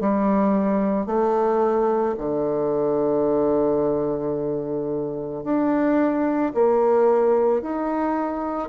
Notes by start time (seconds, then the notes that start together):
0.00 G3
1.06 A3
2.18 D3
5.43 D4
6.54 A#3
7.62 D#4